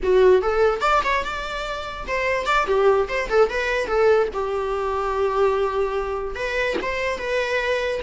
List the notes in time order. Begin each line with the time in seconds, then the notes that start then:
0.02 F#4
0.42 A4
0.81 D5
1.04 C#5
1.24 D5
2.07 C5
2.46 D5
2.66 G4
3.08 C5
3.29 A4
3.49 B4
3.87 A4
4.33 G4
6.35 B4
6.82 C5
7.18 B4